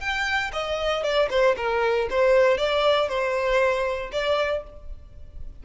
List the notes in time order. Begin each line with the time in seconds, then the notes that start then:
0.00 G5
0.53 D#5
1.03 D5
1.30 C5
1.57 A#4
2.10 C5
2.58 D5
3.09 C5
4.12 D5